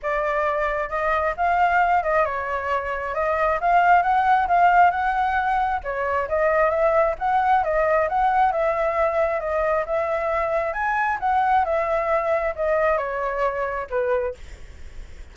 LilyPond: \new Staff \with { instrumentName = "flute" } { \time 4/4 \tempo 4 = 134 d''2 dis''4 f''4~ | f''8 dis''8 cis''2 dis''4 | f''4 fis''4 f''4 fis''4~ | fis''4 cis''4 dis''4 e''4 |
fis''4 dis''4 fis''4 e''4~ | e''4 dis''4 e''2 | gis''4 fis''4 e''2 | dis''4 cis''2 b'4 | }